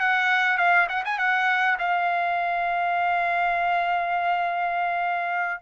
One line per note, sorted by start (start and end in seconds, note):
0.00 0.58 F#5
0.58 0.87 F5
0.89 1.04 F#5
1.05 1.19 G#5
1.19 1.78 F#5
1.79 5.62 F5